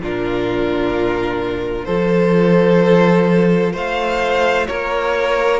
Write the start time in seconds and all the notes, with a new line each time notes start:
0.00 A#2 D4 F4 A#4
1.85 F3 F4 A4 C5
3.73 A3 C5 F5
4.67 A#3 A#4 C#5